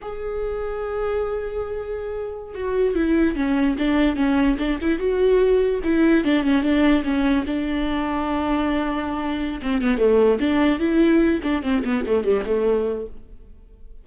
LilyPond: \new Staff \with { instrumentName = "viola" } { \time 4/4 \tempo 4 = 147 gis'1~ | gis'2~ gis'16 fis'4 e'8.~ | e'16 cis'4 d'4 cis'4 d'8 e'16~ | e'16 fis'2 e'4 d'8 cis'16~ |
cis'16 d'4 cis'4 d'4.~ d'16~ | d'2.~ d'8 c'8 | b8 a4 d'4 e'4. | d'8 c'8 b8 a8 g8 a4. | }